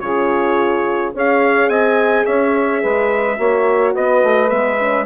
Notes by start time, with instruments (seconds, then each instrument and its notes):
0.00 bassoon C#3, horn F4, saxophone G#4, trumpet C#5
1.13 bassoon C#4, horn G#4, saxophone C#5, trumpet F5
1.68 bassoon C4, saxophone D#5, trumpet G#5
2.25 bassoon C#4, saxophone C#5, trumpet E5
2.81 bassoon G#3, saxophone B4
3.36 bassoon A#3, horn F#4, saxophone C#5
3.94 bassoon B3, saxophone B4, trumpet D#5
4.23 bassoon A3
4.49 bassoon G#3, horn B3, trumpet E5
4.80 horn C#4